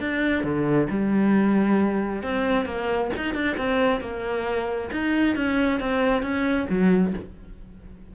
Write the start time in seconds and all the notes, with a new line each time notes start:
0.00 D4
0.44 D3
0.90 G3
2.23 C4
2.66 A#3
3.17 D#4
3.34 D4
3.57 C4
4.01 A#3
4.92 D#4
5.36 C#4
5.80 C4
6.22 C#4
6.69 F#3